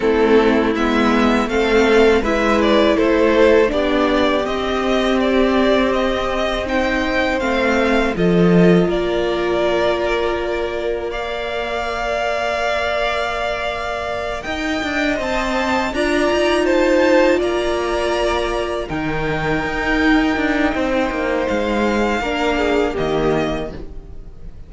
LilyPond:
<<
  \new Staff \with { instrumentName = "violin" } { \time 4/4 \tempo 4 = 81 a'4 e''4 f''4 e''8 d''8 | c''4 d''4 dis''4 d''4 | dis''4 g''4 f''4 dis''4 | d''2. f''4~ |
f''2.~ f''8 g''8~ | g''8 a''4 ais''4 a''4 ais''8~ | ais''4. g''2~ g''8~ | g''4 f''2 dis''4 | }
  \new Staff \with { instrumentName = "violin" } { \time 4/4 e'2 a'4 b'4 | a'4 g'2.~ | g'4 c''2 a'4 | ais'2. d''4~ |
d''2.~ d''8 dis''8~ | dis''4. d''4 c''4 d''8~ | d''4. ais'2~ ais'8 | c''2 ais'8 gis'8 g'4 | }
  \new Staff \with { instrumentName = "viola" } { \time 4/4 c'4 b4 c'4 e'4~ | e'4 d'4 c'2~ | c'4 dis'4 c'4 f'4~ | f'2. ais'4~ |
ais'1~ | ais'8 c''4 f'2~ f'8~ | f'4. dis'2~ dis'8~ | dis'2 d'4 ais4 | }
  \new Staff \with { instrumentName = "cello" } { \time 4/4 a4 gis4 a4 gis4 | a4 b4 c'2~ | c'2 a4 f4 | ais1~ |
ais2.~ ais8 dis'8 | d'8 c'4 d'8 dis'4. ais8~ | ais4. dis4 dis'4 d'8 | c'8 ais8 gis4 ais4 dis4 | }
>>